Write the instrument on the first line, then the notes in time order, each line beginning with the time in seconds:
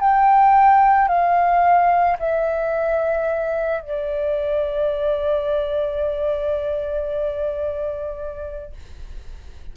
flute
0.00 G5
1.08 F5
2.19 E5
3.81 D5